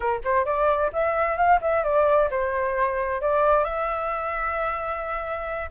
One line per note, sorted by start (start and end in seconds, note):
0.00 0.21 A#4
0.24 0.45 C5
0.45 0.91 D5
0.92 1.37 E5
1.37 1.60 F5
1.61 1.83 E5
1.83 2.29 D5
2.30 3.21 C5
3.21 3.63 D5
3.63 5.70 E5